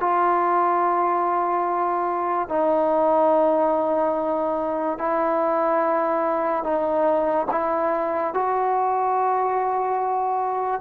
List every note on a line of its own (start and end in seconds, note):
0.00 2.48 F4
2.48 4.98 D#4
4.98 6.63 E4
6.63 7.46 D#4
7.51 8.33 E4
8.33 10.81 F#4